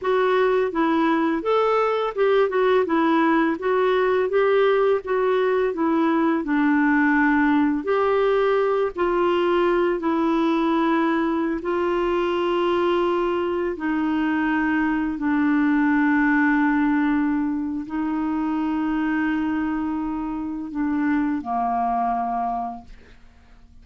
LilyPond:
\new Staff \with { instrumentName = "clarinet" } { \time 4/4 \tempo 4 = 84 fis'4 e'4 a'4 g'8 fis'8 | e'4 fis'4 g'4 fis'4 | e'4 d'2 g'4~ | g'8 f'4. e'2~ |
e'16 f'2. dis'8.~ | dis'4~ dis'16 d'2~ d'8.~ | d'4 dis'2.~ | dis'4 d'4 ais2 | }